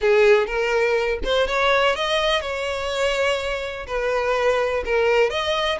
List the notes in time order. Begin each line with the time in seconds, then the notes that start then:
0.01 G#4
0.46 A#4
1.23 C5
1.47 C#5
1.95 D#5
2.41 C#5
3.87 B4
4.85 A#4
5.30 D#5